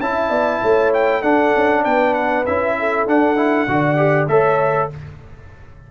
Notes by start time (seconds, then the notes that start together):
0.00 C#4 E4 E5 A5
0.29 B3 D5
0.61 A3 C#5
0.93 G5
1.21 D4 A4 F#5
1.55 C#4
1.84 B3 B4 G5
2.14 F#5
2.46 C#4 E4 E5
2.79 A4
3.06 D4 F#5
3.36 E4
3.67 D3 F#4 D5
3.96 G4
4.28 A3 A4 C#5 E5